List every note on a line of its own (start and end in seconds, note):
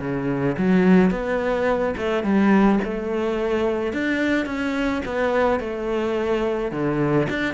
0.00 0.56 C#3
0.58 1.11 F#3
1.11 1.95 B3
1.98 2.23 A3
2.23 2.79 G3
2.84 3.93 A3
3.93 4.46 D4
4.46 5.02 C#4
5.05 5.60 B3
5.60 6.71 A3
6.71 7.27 D3
7.29 7.54 D4